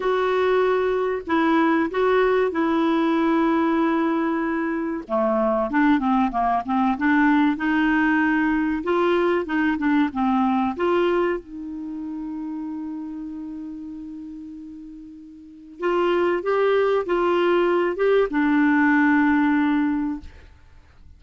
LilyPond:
\new Staff \with { instrumentName = "clarinet" } { \time 4/4 \tempo 4 = 95 fis'2 e'4 fis'4 | e'1 | a4 d'8 c'8 ais8 c'8 d'4 | dis'2 f'4 dis'8 d'8 |
c'4 f'4 dis'2~ | dis'1~ | dis'4 f'4 g'4 f'4~ | f'8 g'8 d'2. | }